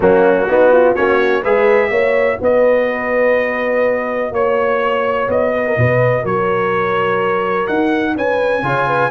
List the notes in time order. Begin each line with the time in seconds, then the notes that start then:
0.00 F#3 A#3 C#4 F#4
0.48 B3 D#4
0.71 F4
0.95 A#3 C#4 F#4 C#5
1.41 G#3 G#4 B4 E5
1.90 A#3 F#4 C#5
2.41 B3 B4 D#5
4.31 A#3 C#5
5.28 B3 D#5
5.54 B4
5.67 A#4
5.77 B2 B4
6.21 F#3 A#4 C#5
7.67 D#4 F#5
8.15 C#4 B4 G#5
8.62 C#3 F4 C#5
8.87 B4